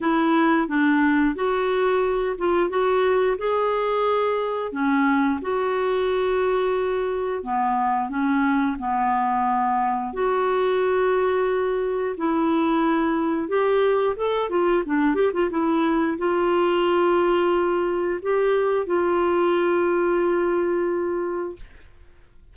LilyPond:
\new Staff \with { instrumentName = "clarinet" } { \time 4/4 \tempo 4 = 89 e'4 d'4 fis'4. f'8 | fis'4 gis'2 cis'4 | fis'2. b4 | cis'4 b2 fis'4~ |
fis'2 e'2 | g'4 a'8 f'8 d'8 g'16 f'16 e'4 | f'2. g'4 | f'1 | }